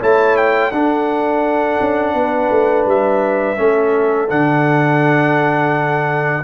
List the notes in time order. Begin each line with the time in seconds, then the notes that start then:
0.00 A3 E4 C#5 A5
0.37 G5
0.72 D4 A4 F#5
1.81 C#4
2.15 B3 B4
2.51 A3
2.86 G3 E5
3.57 A3 C#4 A4
4.29 D3 D4 F#5